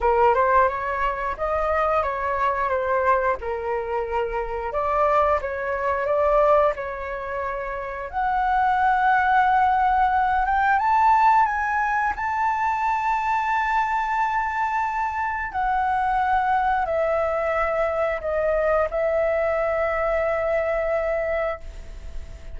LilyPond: \new Staff \with { instrumentName = "flute" } { \time 4/4 \tempo 4 = 89 ais'8 c''8 cis''4 dis''4 cis''4 | c''4 ais'2 d''4 | cis''4 d''4 cis''2 | fis''2.~ fis''8 g''8 |
a''4 gis''4 a''2~ | a''2. fis''4~ | fis''4 e''2 dis''4 | e''1 | }